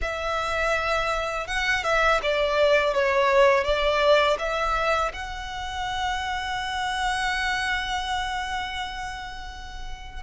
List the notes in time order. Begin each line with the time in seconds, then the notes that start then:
0.01 E5
1.47 F#5
1.83 E5
2.22 D5
2.94 C#5
3.64 D5
4.39 E5
5.13 F#5